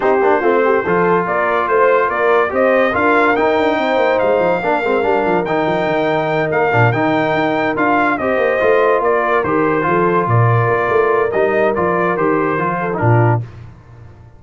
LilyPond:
<<
  \new Staff \with { instrumentName = "trumpet" } { \time 4/4 \tempo 4 = 143 c''2. d''4 | c''4 d''4 dis''4 f''4 | g''2 f''2~ | f''4 g''2~ g''8 f''8~ |
f''8 g''2 f''4 dis''8~ | dis''4. d''4 c''4.~ | c''8 d''2~ d''8 dis''4 | d''4 c''2 ais'4 | }
  \new Staff \with { instrumentName = "horn" } { \time 4/4 g'4 f'8 g'8 a'4 ais'4 | c''4 ais'4 c''4 ais'4~ | ais'4 c''2 ais'4~ | ais'1~ |
ais'2.~ ais'8 c''8~ | c''4. ais'2 a'8~ | a'8 ais'2.~ ais'8~ | ais'2~ ais'8 a'8 f'4 | }
  \new Staff \with { instrumentName = "trombone" } { \time 4/4 dis'8 d'8 c'4 f'2~ | f'2 g'4 f'4 | dis'2. d'8 c'8 | d'4 dis'2. |
d'8 dis'2 f'4 g'8~ | g'8 f'2 g'4 f'8~ | f'2. dis'4 | f'4 g'4 f'8. dis'16 d'4 | }
  \new Staff \with { instrumentName = "tuba" } { \time 4/4 c'8 ais8 a4 f4 ais4 | a4 ais4 c'4 d'4 | dis'8 d'8 c'8 ais8 gis8 f8 ais8 gis8 | g8 f8 dis8 f8 dis4. ais8 |
ais,8 dis4 dis'4 d'4 c'8 | ais8 a4 ais4 dis4 f8~ | f8 ais,4 ais8 a4 g4 | f4 dis4 f4 ais,4 | }
>>